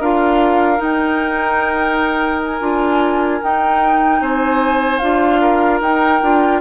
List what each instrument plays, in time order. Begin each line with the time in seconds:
0.00 bassoon D4, clarinet F4, oboe A#4, flute F5
0.78 clarinet D#4, bassoon D#4, flute G5
2.43 flute G#5
2.60 bassoon D4, clarinet F4
3.42 clarinet D#4, bassoon D#4, flute G5
4.21 bassoon C4, oboe C5, flute G#5
4.98 bassoon D4, clarinet F4, flute F5
5.41 oboe A#4
5.81 bassoon D#4, clarinet D#4, flute G5
6.23 bassoon D4, clarinet F4